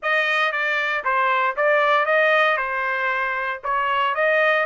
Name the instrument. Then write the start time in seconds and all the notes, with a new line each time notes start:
trumpet
0.02 D#5
0.51 D5
1.04 C5
1.56 D5
2.05 D#5
2.57 C5
3.63 C#5
4.14 D#5